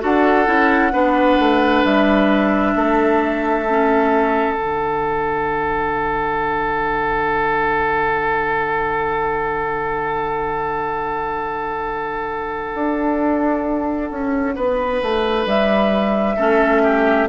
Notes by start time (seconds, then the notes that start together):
0.00 D4 F#4 A4 F#5
0.46 C#4 E4
0.92 B3 D4 B4
1.38 A3
1.84 G3 E5
2.75 A3 A4
3.69 C#4
4.54 D3 D4 F#5
12.75 D4
14.10 C#4
14.55 B3 B4
15.02 A3
15.46 G3 E5
16.36 A3 C#4 A4
16.83 G4